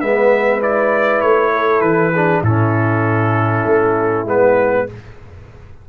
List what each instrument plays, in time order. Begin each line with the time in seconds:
0.00 tuba G#3, trombone B3, horn B4, trumpet E5
0.61 trombone E4, trumpet D5
1.21 tuba A3, trumpet C#5
1.53 horn A4
1.81 tuba E3, trumpet B4
2.13 trombone D4, horn G#4
2.42 tuba A2, trombone C#4, horn E4, trumpet A4
3.65 tuba A3
4.25 tuba G#3, trombone B3, trumpet B4